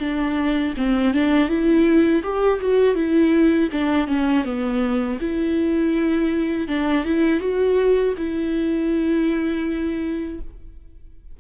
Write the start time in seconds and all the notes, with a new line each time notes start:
0.00 D4
0.77 C4
1.14 D4
1.49 E4
2.23 G4
2.61 F#4
2.95 E4
3.72 D4
4.08 C#4
4.45 B3
5.20 E4
6.68 D4
7.05 E4
7.40 F#4
8.18 E4